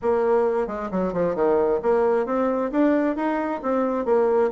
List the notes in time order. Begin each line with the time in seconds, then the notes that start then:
0.01 A#3
0.67 G#3
0.91 F#3
1.13 F3
1.35 D#3
1.82 A#3
2.26 C4
2.71 D4
3.16 D#4
3.62 C4
4.05 A#3